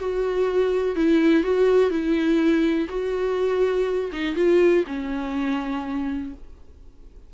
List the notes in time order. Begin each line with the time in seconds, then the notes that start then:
0.00 F#4
0.96 E4
1.44 F#4
1.90 E4
2.90 F#4
4.12 D#4
4.36 F4
4.87 C#4